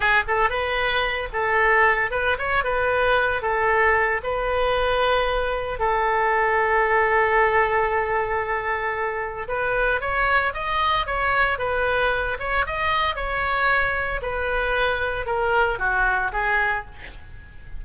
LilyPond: \new Staff \with { instrumentName = "oboe" } { \time 4/4 \tempo 4 = 114 gis'8 a'8 b'4. a'4. | b'8 cis''8 b'4. a'4. | b'2. a'4~ | a'1~ |
a'2 b'4 cis''4 | dis''4 cis''4 b'4. cis''8 | dis''4 cis''2 b'4~ | b'4 ais'4 fis'4 gis'4 | }